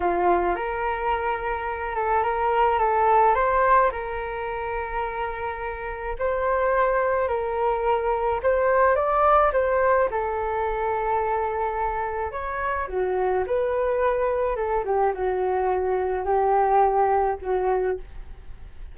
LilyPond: \new Staff \with { instrumentName = "flute" } { \time 4/4 \tempo 4 = 107 f'4 ais'2~ ais'8 a'8 | ais'4 a'4 c''4 ais'4~ | ais'2. c''4~ | c''4 ais'2 c''4 |
d''4 c''4 a'2~ | a'2 cis''4 fis'4 | b'2 a'8 g'8 fis'4~ | fis'4 g'2 fis'4 | }